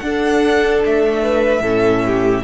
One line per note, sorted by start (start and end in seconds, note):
0.00 0.83 D4
0.00 1.64 D4
0.00 1.23 A4
0.00 0.81 F#5
0.86 1.60 A3
0.86 2.44 E5
1.23 1.63 B4
1.60 2.42 A2
1.60 2.44 C#4
1.60 2.03 A4
2.06 2.44 G4